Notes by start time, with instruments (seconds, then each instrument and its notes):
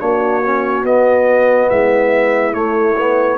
0.00 tuba A#3, trombone D4, horn F#4, trumpet C#5
0.45 trombone C#4
0.83 tuba B3, trombone B3, trumpet D#5
1.69 tuba G#3, horn E4, trumpet E5
2.53 trombone A3, tuba A3, trumpet C#5
2.97 trombone B3